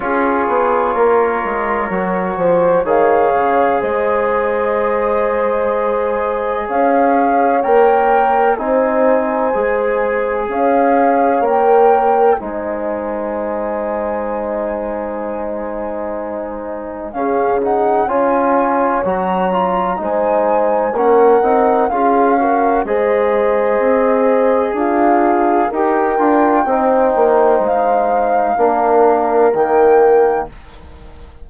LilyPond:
<<
  \new Staff \with { instrumentName = "flute" } { \time 4/4 \tempo 4 = 63 cis''2. f''4 | dis''2. f''4 | g''4 gis''2 f''4 | g''4 gis''2.~ |
gis''2 f''8 fis''8 gis''4 | ais''4 gis''4 fis''4 f''4 | dis''2 f''4 g''4~ | g''4 f''2 g''4 | }
  \new Staff \with { instrumentName = "horn" } { \time 4/4 gis'4 ais'4. c''8 cis''4 | c''2. cis''4~ | cis''4 c''2 cis''4~ | cis''4 c''2.~ |
c''2 gis'4 cis''4~ | cis''4 c''4 ais'4 gis'8 ais'8 | c''2 f'4 ais'4 | c''2 ais'2 | }
  \new Staff \with { instrumentName = "trombone" } { \time 4/4 f'2 fis'4 gis'4~ | gis'1 | ais'4 dis'4 gis'2 | ais'4 dis'2.~ |
dis'2 cis'8 dis'8 f'4 | fis'8 f'8 dis'4 cis'8 dis'8 f'8 fis'8 | gis'2. g'8 f'8 | dis'2 d'4 ais4 | }
  \new Staff \with { instrumentName = "bassoon" } { \time 4/4 cis'8 b8 ais8 gis8 fis8 f8 dis8 cis8 | gis2. cis'4 | ais4 c'4 gis4 cis'4 | ais4 gis2.~ |
gis2 cis4 cis'4 | fis4 gis4 ais8 c'8 cis'4 | gis4 c'4 d'4 dis'8 d'8 | c'8 ais8 gis4 ais4 dis4 | }
>>